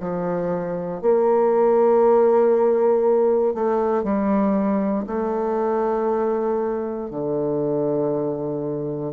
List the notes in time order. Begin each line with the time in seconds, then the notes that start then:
0.00 F3
1.02 A#3
3.55 A3
4.04 G3
5.07 A3
7.10 D3